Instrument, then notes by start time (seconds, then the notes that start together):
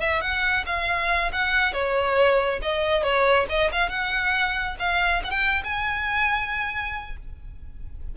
violin
0.00 E5
0.21 F#5
0.66 F5
1.32 F#5
1.73 C#5
2.62 D#5
3.03 C#5
3.49 D#5
3.72 F5
3.89 F#5
4.79 F5
5.24 F#5
5.30 G5
5.64 G#5